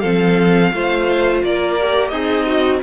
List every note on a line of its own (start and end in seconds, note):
0.00 0.73 F3
0.00 0.73 C4
0.00 0.71 A4
0.00 1.40 F5
0.73 1.43 A3
0.73 1.79 F4
0.73 1.45 C5
1.43 2.12 A#3
1.43 2.11 A#4
1.43 2.09 D5
1.81 2.12 G4
2.09 2.82 C4
2.09 2.81 D#4
2.09 2.47 G#4
2.09 2.78 D#5
2.47 2.82 F#4